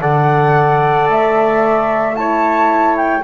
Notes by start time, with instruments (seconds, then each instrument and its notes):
0.00 double bass D3, horn A4, trumpet D5, flute F#5
1.08 double bass A3, flute E5
2.15 horn E4, trumpet C#5, flute A5
2.96 flute G5